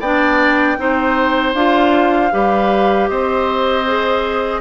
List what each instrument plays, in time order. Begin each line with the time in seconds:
0.00 bassoon B3, clarinet D4, oboe D5, flute G5
0.78 bassoon C4, clarinet D#4, oboe C5
1.54 bassoon D4, clarinet F4, flute F5
2.31 bassoon G3, clarinet G4, oboe B4
3.08 bassoon C4, oboe C5, flute D#5
3.86 clarinet G#4